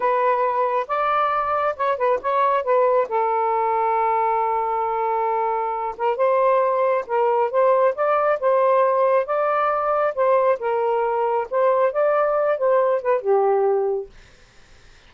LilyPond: \new Staff \with { instrumentName = "saxophone" } { \time 4/4 \tempo 4 = 136 b'2 d''2 | cis''8 b'8 cis''4 b'4 a'4~ | a'1~ | a'4. ais'8 c''2 |
ais'4 c''4 d''4 c''4~ | c''4 d''2 c''4 | ais'2 c''4 d''4~ | d''8 c''4 b'8 g'2 | }